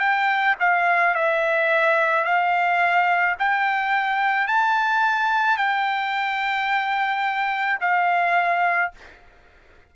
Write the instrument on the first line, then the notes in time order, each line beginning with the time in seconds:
trumpet
0.00 G5
0.60 F5
1.15 E5
2.25 F5
3.39 G5
4.48 A5
5.58 G5
7.81 F5